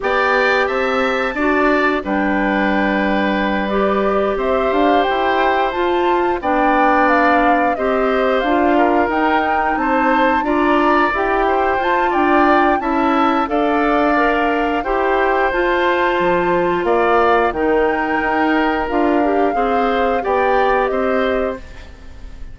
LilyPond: <<
  \new Staff \with { instrumentName = "flute" } { \time 4/4 \tempo 4 = 89 g''4 a''2 g''4~ | g''4. d''4 e''8 f''8 g''8~ | g''8 a''4 g''4 f''4 dis''8~ | dis''8 f''4 g''4 a''4 ais''8~ |
ais''8 g''4 a''8 g''4 a''4 | f''2 g''4 a''4~ | a''4 f''4 g''2 | f''2 g''4 dis''4 | }
  \new Staff \with { instrumentName = "oboe" } { \time 4/4 d''4 e''4 d''4 b'4~ | b'2~ b'8 c''4.~ | c''4. d''2 c''8~ | c''4 ais'4. c''4 d''8~ |
d''4 c''4 d''4 e''4 | d''2 c''2~ | c''4 d''4 ais'2~ | ais'4 c''4 d''4 c''4 | }
  \new Staff \with { instrumentName = "clarinet" } { \time 4/4 g'2 fis'4 d'4~ | d'4. g'2~ g'8~ | g'8 f'4 d'2 g'8~ | g'8 f'4 dis'2 f'8~ |
f'8 g'4 f'4. e'4 | a'4 ais'4 g'4 f'4~ | f'2 dis'2 | f'8 g'8 gis'4 g'2 | }
  \new Staff \with { instrumentName = "bassoon" } { \time 4/4 b4 c'4 d'4 g4~ | g2~ g8 c'8 d'8 e'8~ | e'8 f'4 b2 c'8~ | c'8 d'4 dis'4 c'4 d'8~ |
d'8 e'4 f'8 d'4 cis'4 | d'2 e'4 f'4 | f4 ais4 dis4 dis'4 | d'4 c'4 b4 c'4 | }
>>